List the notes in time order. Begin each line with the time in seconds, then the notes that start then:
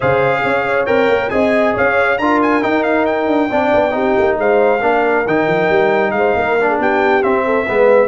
0.00 C#3 G#4 C5 F5
0.43 C#4 C#5
0.86 C4 A#4 G5
1.08 A#3
1.29 C4 G#4 D#5 G#5
1.74 C#4 C#5 F5
2.18 D4 F4 A#4 A#5
2.41 G#5
2.61 D#4 G5
2.83 F5
3.05 G5
3.27 D4
3.50 C4 D4 D5
3.73 B3
3.90 C4 D#4 G4
4.18 A#3
4.38 G#3 C5 F5
4.80 A#3 D4 A#4
5.26 D#3 D#4 G5
5.47 F3
5.69 G3
6.11 G#3 C5 F5
6.35 A#3 A#4
6.59 D4
6.67 G#4
6.78 B3 G4 G5
7.22 C4 E5
7.45 A4
7.64 G#3 B3 B4